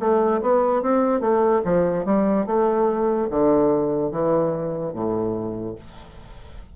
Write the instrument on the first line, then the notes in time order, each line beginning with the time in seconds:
bassoon
0.00 A3
0.41 B3
0.83 C4
1.21 A3
1.65 F3
2.05 G3
2.46 A3
3.30 D3
4.11 E3
4.94 A2